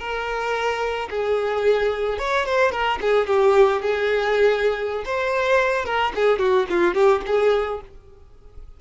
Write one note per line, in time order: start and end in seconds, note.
0.00 1.09 A#4
1.11 2.19 G#4
2.19 2.46 C#5
2.46 2.72 C5
2.72 2.99 A#4
3.01 3.27 G#4
3.27 3.82 G4
3.82 5.05 G#4
5.06 5.85 C5
5.85 6.13 A#4
6.16 6.39 G#4
6.39 6.67 F#4
6.70 6.95 F4
6.95 7.22 G4
7.27 7.81 G#4